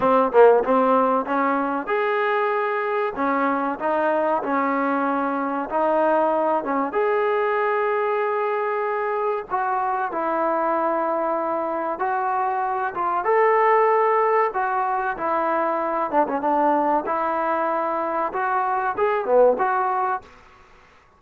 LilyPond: \new Staff \with { instrumentName = "trombone" } { \time 4/4 \tempo 4 = 95 c'8 ais8 c'4 cis'4 gis'4~ | gis'4 cis'4 dis'4 cis'4~ | cis'4 dis'4. cis'8 gis'4~ | gis'2. fis'4 |
e'2. fis'4~ | fis'8 f'8 a'2 fis'4 | e'4. d'16 cis'16 d'4 e'4~ | e'4 fis'4 gis'8 b8 fis'4 | }